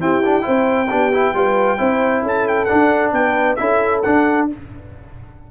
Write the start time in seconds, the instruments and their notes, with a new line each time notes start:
0.00 trombone C4, tuba E4, horn G4, trumpet G5
0.25 trombone D4
0.41 trombone E4, horn C5
0.48 tuba C4
0.89 tuba B3, trombone D4, horn G4
1.13 trombone E4
1.34 tuba G3, trombone F4, horn B4
1.78 tuba C4, trombone E4, horn C5
2.22 tuba C#4, horn A4, trumpet A5
2.48 trumpet G5
2.65 trombone D4, trumpet F#5
2.72 tuba D4
3.12 tuba B3, horn B4, trumpet G5
3.56 tuba C#4, trombone E4, horn A4, trumpet E5
4.03 trombone D4, tuba D4, trumpet F#5